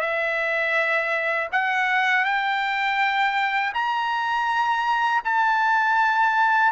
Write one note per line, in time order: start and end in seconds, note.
0.00 1.48 E5
1.52 2.25 F#5
2.25 3.73 G5
3.74 5.22 A#5
5.24 6.72 A5